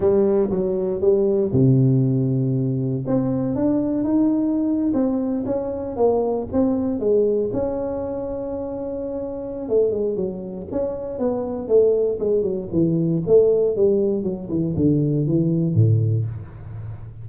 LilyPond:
\new Staff \with { instrumentName = "tuba" } { \time 4/4 \tempo 4 = 118 g4 fis4 g4 c4~ | c2 c'4 d'4 | dis'4.~ dis'16 c'4 cis'4 ais16~ | ais8. c'4 gis4 cis'4~ cis'16~ |
cis'2. a8 gis8 | fis4 cis'4 b4 a4 | gis8 fis8 e4 a4 g4 | fis8 e8 d4 e4 a,4 | }